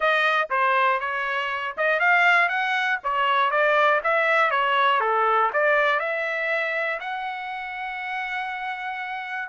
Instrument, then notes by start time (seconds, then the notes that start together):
trumpet
0.00 D#5
0.50 C5
1.00 C#5
1.77 D#5
1.99 F5
2.48 F#5
3.03 C#5
3.50 D5
4.03 E5
4.50 C#5
5.00 A4
5.53 D5
5.99 E5
7.00 F#5